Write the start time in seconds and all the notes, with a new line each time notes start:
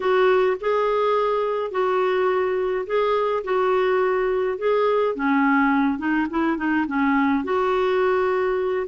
0.00 F#4
0.60 G#4
1.71 F#4
2.86 G#4
3.43 F#4
4.57 G#4
5.15 C#4
5.98 D#4
6.30 E4
6.57 D#4
6.87 C#4
7.43 F#4